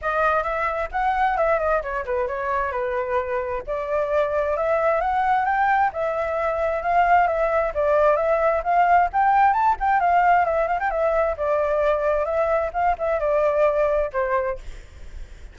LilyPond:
\new Staff \with { instrumentName = "flute" } { \time 4/4 \tempo 4 = 132 dis''4 e''4 fis''4 e''8 dis''8 | cis''8 b'8 cis''4 b'2 | d''2 e''4 fis''4 | g''4 e''2 f''4 |
e''4 d''4 e''4 f''4 | g''4 a''8 g''8 f''4 e''8 f''16 g''16 | e''4 d''2 e''4 | f''8 e''8 d''2 c''4 | }